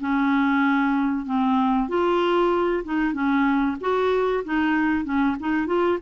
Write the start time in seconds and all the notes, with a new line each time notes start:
0.00 C#4
1.26 C4
1.88 F4
2.84 D#4
3.13 C#4
3.81 F#4
4.44 D#4
5.04 C#4
5.39 D#4
5.66 F4